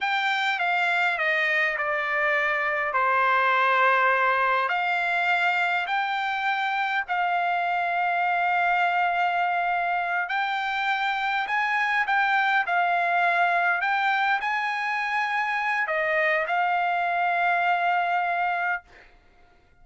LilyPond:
\new Staff \with { instrumentName = "trumpet" } { \time 4/4 \tempo 4 = 102 g''4 f''4 dis''4 d''4~ | d''4 c''2. | f''2 g''2 | f''1~ |
f''4. g''2 gis''8~ | gis''8 g''4 f''2 g''8~ | g''8 gis''2~ gis''8 dis''4 | f''1 | }